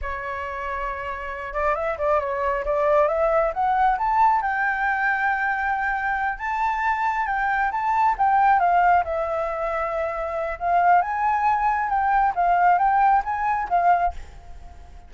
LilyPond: \new Staff \with { instrumentName = "flute" } { \time 4/4 \tempo 4 = 136 cis''2.~ cis''8 d''8 | e''8 d''8 cis''4 d''4 e''4 | fis''4 a''4 g''2~ | g''2~ g''8 a''4.~ |
a''8 g''4 a''4 g''4 f''8~ | f''8 e''2.~ e''8 | f''4 gis''2 g''4 | f''4 g''4 gis''4 f''4 | }